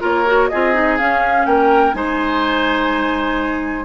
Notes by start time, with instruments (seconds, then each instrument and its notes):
0.00 bassoon A#3, clarinet F4, oboe A#4, flute C#5
0.26 clarinet F#4
0.48 bassoon C4, clarinet F4, oboe G#4, flute D#5
0.74 clarinet D#4
0.97 clarinet C#4, bassoon C#4, flute F5
1.46 bassoon A#3, oboe A#4, flute G5
1.93 bassoon G#3, clarinet D#4, oboe C5, flute G#5